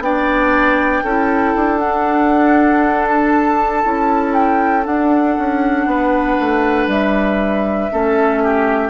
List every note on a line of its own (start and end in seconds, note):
0.00 1.02 B3
0.00 1.05 D4
0.00 1.04 D5
0.00 1.79 G5
1.04 1.55 C#4
1.04 1.80 E4
1.04 5.87 A4
1.55 3.84 D4
1.79 3.83 D4
1.79 3.06 F#5
3.08 4.34 A5
3.83 4.86 C#4
3.83 4.85 E4
4.34 4.85 G5
4.85 7.90 D4
4.85 5.37 D4
4.85 6.90 F#5
5.38 5.86 C#4
5.86 6.37 B3
5.86 7.92 B4
6.40 6.87 A3
6.87 7.89 G3
6.87 8.91 E5
7.92 8.91 A3
7.92 8.91 C#4
7.92 8.43 A4
8.43 8.91 G4